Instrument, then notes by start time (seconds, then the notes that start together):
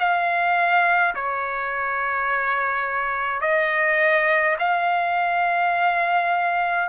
trumpet
0.00 F5
1.15 C#5
3.41 D#5
4.59 F5